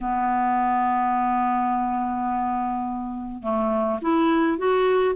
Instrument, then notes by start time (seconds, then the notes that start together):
clarinet
0.00 B3
3.42 A3
4.01 E4
4.58 F#4